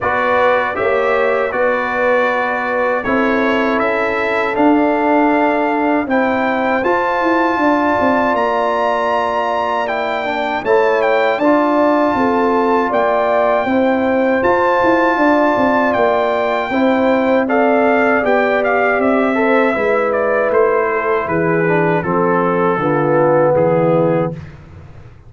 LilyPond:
<<
  \new Staff \with { instrumentName = "trumpet" } { \time 4/4 \tempo 4 = 79 d''4 e''4 d''2 | cis''4 e''4 f''2 | g''4 a''2 ais''4~ | ais''4 g''4 a''8 g''8 a''4~ |
a''4 g''2 a''4~ | a''4 g''2 f''4 | g''8 f''8 e''4. d''8 c''4 | b'4 a'2 gis'4 | }
  \new Staff \with { instrumentName = "horn" } { \time 4/4 b'4 cis''4 b'2 | a'1 | c''2 d''2~ | d''2 cis''4 d''4 |
a'4 d''4 c''2 | d''2 c''4 d''4~ | d''4. c''8 b'4. a'8 | gis'4 a'4 f'4 e'4 | }
  \new Staff \with { instrumentName = "trombone" } { \time 4/4 fis'4 g'4 fis'2 | e'2 d'2 | e'4 f'2.~ | f'4 e'8 d'8 e'4 f'4~ |
f'2 e'4 f'4~ | f'2 e'4 a'4 | g'4. a'8 e'2~ | e'8 d'8 c'4 b2 | }
  \new Staff \with { instrumentName = "tuba" } { \time 4/4 b4 ais4 b2 | c'4 cis'4 d'2 | c'4 f'8 e'8 d'8 c'8 ais4~ | ais2 a4 d'4 |
c'4 ais4 c'4 f'8 e'8 | d'8 c'8 ais4 c'2 | b4 c'4 gis4 a4 | e4 f4 d4 e4 | }
>>